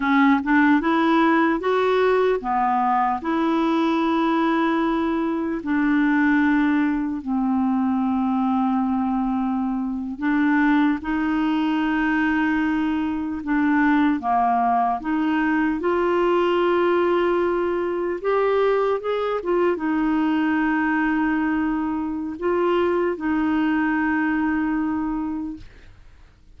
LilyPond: \new Staff \with { instrumentName = "clarinet" } { \time 4/4 \tempo 4 = 75 cis'8 d'8 e'4 fis'4 b4 | e'2. d'4~ | d'4 c'2.~ | c'8. d'4 dis'2~ dis'16~ |
dis'8. d'4 ais4 dis'4 f'16~ | f'2~ f'8. g'4 gis'16~ | gis'16 f'8 dis'2.~ dis'16 | f'4 dis'2. | }